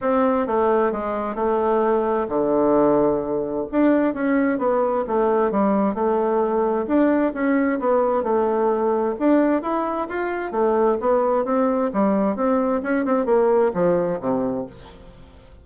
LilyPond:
\new Staff \with { instrumentName = "bassoon" } { \time 4/4 \tempo 4 = 131 c'4 a4 gis4 a4~ | a4 d2. | d'4 cis'4 b4 a4 | g4 a2 d'4 |
cis'4 b4 a2 | d'4 e'4 f'4 a4 | b4 c'4 g4 c'4 | cis'8 c'8 ais4 f4 c4 | }